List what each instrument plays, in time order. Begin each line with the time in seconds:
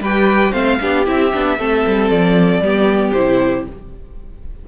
0.00 cello G3, viola G4, violin B4 G5
0.52 cello A3, viola C4, violin C5 F5
0.81 cello B3, viola D4, violin G4
1.05 cello C4, viola E4, violin E5
1.32 cello B3, viola D4
1.58 cello A3, viola C4, violin A4
1.86 cello G3
2.10 cello F3, violin D5
2.60 cello G3, viola B3, violin G4
3.12 cello C3, viola E4, violin C5